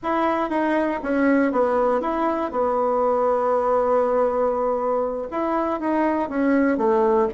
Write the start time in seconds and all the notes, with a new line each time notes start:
0.03 E4
0.49 D#4
1.02 C#4
1.52 B3
2.00 E4
2.51 B3
5.31 E4
5.80 D#4
6.29 C#4
6.77 A3